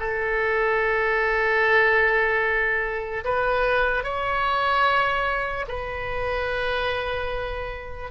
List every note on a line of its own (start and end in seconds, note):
0.00 3.24 A4
3.25 4.04 B4
4.04 5.66 C#5
5.68 8.11 B4